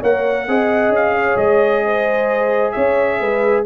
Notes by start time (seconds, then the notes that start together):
0.00 A#3 A#4 C#5 F#5
0.48 C4 G#4 D#5
0.89 C#4
0.95 F5
1.16 C#5
1.36 G#3 D#5
1.84 C5
2.71 C#4 C#5 E5
3.19 G#3 B4